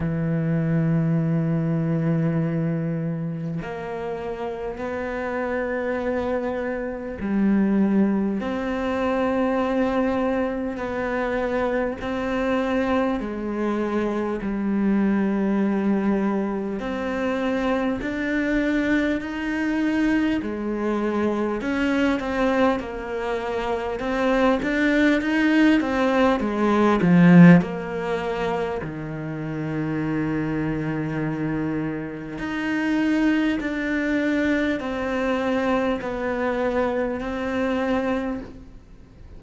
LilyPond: \new Staff \with { instrumentName = "cello" } { \time 4/4 \tempo 4 = 50 e2. ais4 | b2 g4 c'4~ | c'4 b4 c'4 gis4 | g2 c'4 d'4 |
dis'4 gis4 cis'8 c'8 ais4 | c'8 d'8 dis'8 c'8 gis8 f8 ais4 | dis2. dis'4 | d'4 c'4 b4 c'4 | }